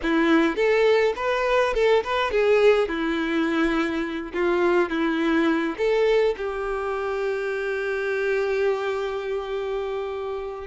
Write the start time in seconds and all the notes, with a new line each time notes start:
0.02 E4
0.56 A4
1.16 B4
1.74 A4
2.03 B4
2.31 G#4
2.88 E4
4.33 F4
4.89 E4
5.77 A4
6.37 G4